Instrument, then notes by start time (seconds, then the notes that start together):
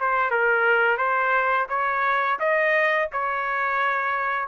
trumpet
0.00 C5
0.31 A#4
0.98 C5
1.69 C#5
2.39 D#5
3.12 C#5